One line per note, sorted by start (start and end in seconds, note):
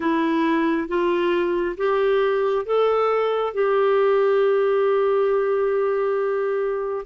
0.00 0.87 E4
0.87 1.76 F4
1.77 2.65 G4
2.65 3.53 A4
3.53 7.05 G4